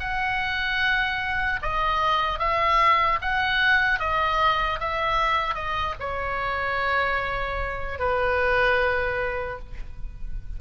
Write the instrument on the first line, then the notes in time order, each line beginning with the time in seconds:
oboe
0.00 F#5
1.63 D#5
2.39 E5
3.22 F#5
4.00 D#5
4.80 E5
5.55 D#5
6.00 C#5
7.99 B4